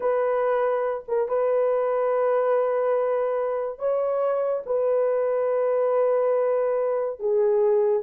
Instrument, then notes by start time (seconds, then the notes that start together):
horn
0.00 B4
1.08 A#4
1.28 B4
3.78 C#5
4.66 B4
7.19 G#4